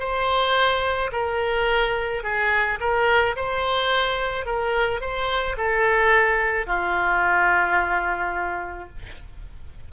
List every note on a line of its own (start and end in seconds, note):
0.00 1.11 C5
1.13 2.24 A#4
2.24 2.79 G#4
2.80 3.36 A#4
3.36 4.46 C5
4.46 5.02 A#4
5.02 5.57 C5
5.58 6.67 A4
6.67 8.89 F4